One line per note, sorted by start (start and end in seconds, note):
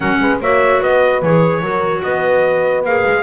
0.00 0.20 F#3
0.00 0.39 C#4
0.00 0.20 A#4
0.00 0.39 F#5
0.20 0.40 G#3
0.20 0.41 B4
0.40 0.80 A#3
0.40 1.23 F#4
0.40 0.80 C#5
0.40 0.82 E5
0.80 1.21 B3
0.80 1.61 B4
0.80 1.23 D#5
1.21 1.62 E3
1.21 1.62 G#4
1.21 2.03 C#5
1.62 2.02 F#3
1.62 2.84 F#4
1.62 2.03 A#4
2.03 2.83 B3
2.03 3.23 B4
2.03 2.84 D#5
2.83 3.04 A#3
2.83 3.23 G#4
2.83 3.23 F5
3.05 3.23 G#3